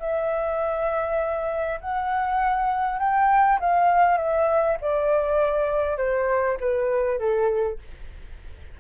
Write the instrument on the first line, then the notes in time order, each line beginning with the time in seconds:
flute
0.00 E5
1.81 F#5
2.99 G5
3.60 F5
4.18 E5
4.81 D5
5.98 C5
6.60 B4
7.19 A4